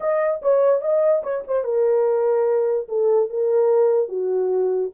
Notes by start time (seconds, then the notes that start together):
0.00 D#5
0.42 C#5
0.81 D#5
1.23 C#5
1.47 C5
1.64 A#4
2.88 A4
3.29 A#4
4.08 F#4